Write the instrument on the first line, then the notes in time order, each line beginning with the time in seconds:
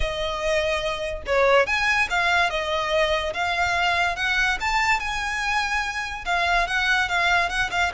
violin
0.00 D#5
1.26 C#5
1.66 G#5
2.09 F5
2.50 D#5
3.33 F5
4.16 F#5
4.60 A5
4.99 G#5
6.25 F5
6.67 F#5
7.08 F5
7.49 F#5
7.71 F5